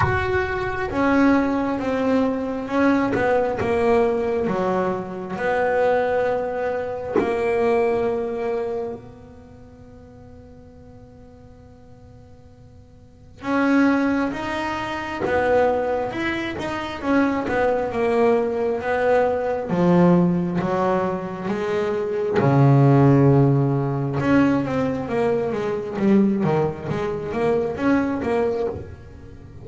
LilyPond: \new Staff \with { instrumentName = "double bass" } { \time 4/4 \tempo 4 = 67 fis'4 cis'4 c'4 cis'8 b8 | ais4 fis4 b2 | ais2 b2~ | b2. cis'4 |
dis'4 b4 e'8 dis'8 cis'8 b8 | ais4 b4 f4 fis4 | gis4 cis2 cis'8 c'8 | ais8 gis8 g8 dis8 gis8 ais8 cis'8 ais8 | }